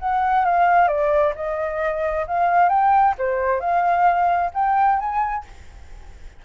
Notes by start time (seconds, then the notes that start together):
0.00 F#5
0.46 F5
0.88 D5
1.36 D#5
2.27 F5
2.70 G5
3.19 C5
3.61 F5
4.54 G5
5.00 G#5